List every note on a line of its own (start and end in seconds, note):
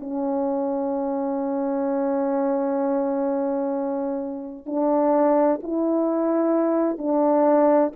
0.00 4.67 C#4
4.67 5.60 D4
5.63 6.98 E4
6.98 7.92 D4